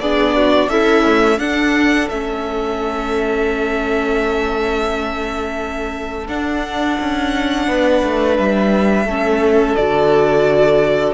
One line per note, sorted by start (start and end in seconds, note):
0.00 0.68 B3
0.00 0.70 D4
0.00 0.36 G#4
0.00 0.69 D5
0.36 0.71 F#4
0.68 1.38 C#4
0.68 1.39 E4
0.68 1.04 A4
0.68 1.39 E5
1.04 1.39 A3
1.38 2.08 D4
1.38 2.10 D4
1.38 7.67 A4
1.38 2.09 F#5
2.09 6.28 A3
2.09 6.27 C#4
2.09 6.27 E5
6.27 9.06 D4
6.27 6.98 D4
6.27 8.37 F#5
7.00 7.67 C#4
7.67 8.02 B3
7.67 9.06 B4
8.04 8.39 A3
8.38 9.05 G3
8.38 9.76 E5
9.05 9.75 A3
9.05 9.78 C#4
9.05 11.14 A4
9.76 11.14 D3
9.76 11.14 F#4
9.76 11.14 D5